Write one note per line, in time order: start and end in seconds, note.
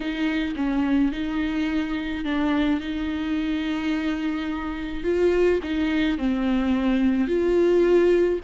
0.00 0.54 D#4
0.56 1.12 C#4
1.12 2.24 D#4
2.24 2.80 D4
2.80 5.03 D#4
5.03 5.59 F4
5.62 6.18 D#4
6.18 7.27 C4
7.27 8.39 F4